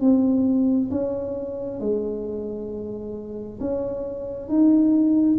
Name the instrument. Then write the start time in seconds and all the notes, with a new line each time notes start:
tuba
0.00 C4
0.90 C#4
1.80 G#3
3.60 C#4
4.48 D#4